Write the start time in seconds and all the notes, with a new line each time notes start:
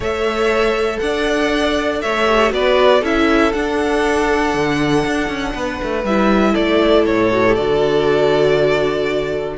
0.00 A3 A4 C#5 E5
0.99 D4 D5 F#5
2.01 A3 C#5 E5
2.26 G4
2.50 B3 F#4 B4 D5
2.99 C#4 E4 A4 E5
3.52 D4 F#5
4.53 D3
5.06 D4
5.28 C#4
5.54 B3 B4
5.83 A3
6.03 G3 E4 E5
6.52 A3 A4 D5
7.05 A2 C#5
7.32 F#4
7.46 G4
7.55 D3 F#4 D5